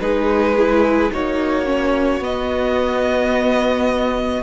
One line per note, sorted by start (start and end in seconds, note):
0.00 1.11 G#3
0.00 0.56 D#4
0.00 1.13 G#4
0.00 1.12 B4
0.58 1.13 E4
1.13 2.21 A#3
1.13 1.66 D#4
1.13 4.43 F#4
1.13 2.24 C#5
1.66 2.21 C#4
2.21 4.43 B3
2.21 4.43 D#5